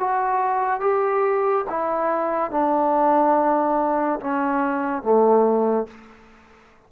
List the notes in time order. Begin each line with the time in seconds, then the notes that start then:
0.00 F#4
0.81 G4
1.70 E4
2.51 D4
4.21 C#4
5.03 A3